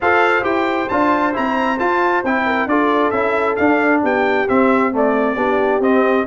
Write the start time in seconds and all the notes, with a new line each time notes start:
0.01 F4 A4 C5 F5
0.42 E4 G4 G5
0.89 D4 F4 A5
1.33 C4 E4 A#5
1.79 F4 A5
2.23 C4 E4 G5
2.45 A#4
2.66 D4 F4 A4 D5
3.10 C#4 E4 E5
3.56 D4 F5
4.02 B3 G4 G5
4.48 C4 E5
4.92 A3 D5
5.35 B3 D4 G4
5.79 C4 D#5